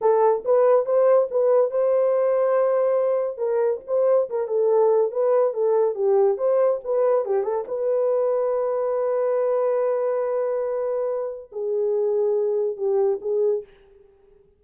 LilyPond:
\new Staff \with { instrumentName = "horn" } { \time 4/4 \tempo 4 = 141 a'4 b'4 c''4 b'4 | c''1 | ais'4 c''4 ais'8 a'4. | b'4 a'4 g'4 c''4 |
b'4 g'8 a'8 b'2~ | b'1~ | b'2. gis'4~ | gis'2 g'4 gis'4 | }